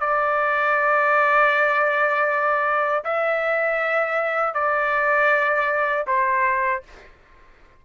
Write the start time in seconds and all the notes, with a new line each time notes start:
0.00 D5
3.04 E5
4.54 D5
6.07 C5